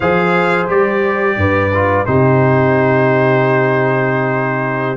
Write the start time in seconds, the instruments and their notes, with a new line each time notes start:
0.00 tuba F3, trombone G#4, horn C5, trumpet F5
0.68 tuba G3, trombone G4, trumpet D5
1.36 tuba G2, horn B4
1.74 trombone F4
2.05 tuba C3, trombone D#4, horn G4, trumpet C5